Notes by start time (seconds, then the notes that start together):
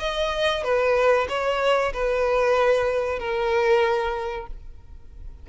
0.00 D#5
0.64 B4
1.29 C#5
1.94 B4
3.19 A#4